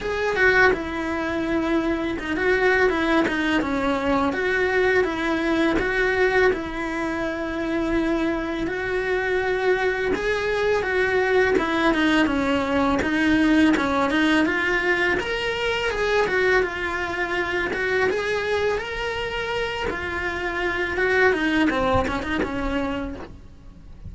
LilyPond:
\new Staff \with { instrumentName = "cello" } { \time 4/4 \tempo 4 = 83 gis'8 fis'8 e'2 dis'16 fis'8. | e'8 dis'8 cis'4 fis'4 e'4 | fis'4 e'2. | fis'2 gis'4 fis'4 |
e'8 dis'8 cis'4 dis'4 cis'8 dis'8 | f'4 ais'4 gis'8 fis'8 f'4~ | f'8 fis'8 gis'4 ais'4. f'8~ | f'4 fis'8 dis'8 c'8 cis'16 dis'16 cis'4 | }